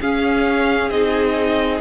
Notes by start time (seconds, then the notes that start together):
0.00 C#4 G#4 F5
0.90 C4 D#4 D#5